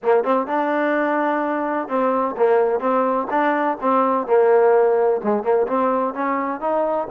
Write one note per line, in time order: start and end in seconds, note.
0.02 0.23 A#3
0.23 0.47 C4
0.47 1.88 D4
1.88 2.35 C4
2.36 2.80 A#3
2.80 3.27 C4
3.30 3.77 D4
3.80 4.26 C4
4.26 5.21 A#3
5.23 5.43 G#3
5.43 5.66 A#3
5.67 6.14 C4
6.14 6.60 C#4
6.60 7.07 D#4